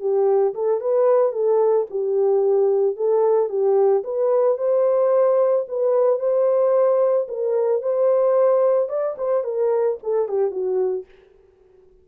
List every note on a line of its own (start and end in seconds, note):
0.00 0.54 G4
0.54 0.81 A4
0.81 1.33 B4
1.33 1.87 A4
1.90 2.97 G4
2.97 3.49 A4
3.49 4.03 G4
4.04 4.58 B4
4.58 5.66 C5
5.68 6.20 B4
6.20 7.28 C5
7.29 7.82 A#4
7.82 8.89 C5
8.89 9.16 D5
9.18 9.44 C5
9.44 9.98 A#4
10.03 10.29 A4
10.29 10.51 G4
10.51 11.05 F#4